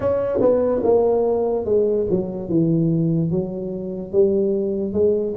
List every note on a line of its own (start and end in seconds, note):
0.00 0.39 C#4
0.40 0.81 B3
0.83 1.65 A#3
1.65 2.06 G#3
2.10 2.48 F#3
2.48 3.30 E3
3.30 4.12 F#3
4.12 4.93 G3
4.93 5.34 G#3